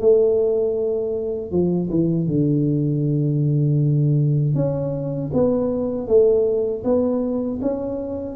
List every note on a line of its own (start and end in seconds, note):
0.00 1.51 A3
1.51 1.89 F3
1.90 2.27 E3
2.27 4.55 D3
4.55 5.31 C#4
5.33 6.07 B3
6.07 6.83 A3
6.84 7.60 B3
7.62 8.35 C#4